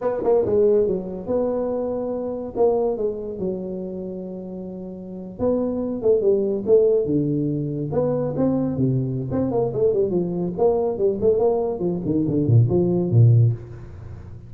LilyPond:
\new Staff \with { instrumentName = "tuba" } { \time 4/4 \tempo 4 = 142 b8 ais8 gis4 fis4 b4~ | b2 ais4 gis4 | fis1~ | fis8. b4. a8 g4 a16~ |
a8. d2 b4 c'16~ | c'8. c4~ c16 c'8 ais8 a8 g8 | f4 ais4 g8 a8 ais4 | f8 dis8 d8 ais,8 f4 ais,4 | }